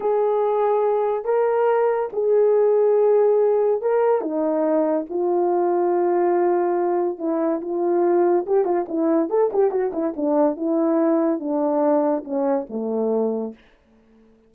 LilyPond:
\new Staff \with { instrumentName = "horn" } { \time 4/4 \tempo 4 = 142 gis'2. ais'4~ | ais'4 gis'2.~ | gis'4 ais'4 dis'2 | f'1~ |
f'4 e'4 f'2 | g'8 f'8 e'4 a'8 g'8 fis'8 e'8 | d'4 e'2 d'4~ | d'4 cis'4 a2 | }